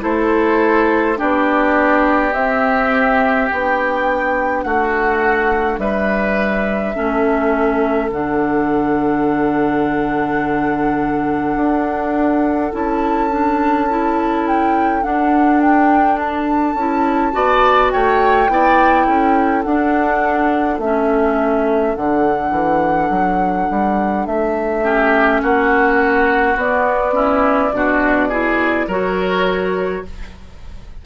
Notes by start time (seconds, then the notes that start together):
0.00 A3 E4 A4 C5
1.16 B3 D4 G4 D5
2.34 C4 E5
3.50 B3 D4 G5
4.63 A3 F#4 F#5
5.78 G3 B4 E5
6.95 A3 C#4 A4
8.10 D3 D4 F#5
11.56 D4
12.72 C#4 E4 A5
13.31 D4
13.90 E4
14.47 G5
15.02 D4 F#5
15.61 G5
16.19 A5
16.75 C#4 E4
17.32 B3 F#4 D5
17.91 A3 C#5 G5
18.49 B3 E4 D5
19.06 C#4 A4
19.63 D4 F#5
20.78 A3 C#4 E5
21.95 D3 D4 F#5
22.51 E3
23.10 F#3
23.71 G3
24.26 A3 E5
24.83 C#4 G4
25.42 A#3 F#4 F#5
26.56 B3 D5
27.13 C#4 E4
27.72 B2 D4 F#4
28.29 E4 G#4
28.87 F#3 F#4 A#4 C#5